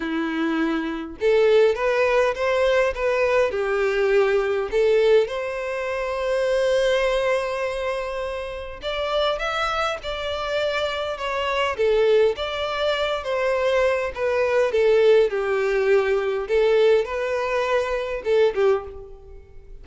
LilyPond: \new Staff \with { instrumentName = "violin" } { \time 4/4 \tempo 4 = 102 e'2 a'4 b'4 | c''4 b'4 g'2 | a'4 c''2.~ | c''2. d''4 |
e''4 d''2 cis''4 | a'4 d''4. c''4. | b'4 a'4 g'2 | a'4 b'2 a'8 g'8 | }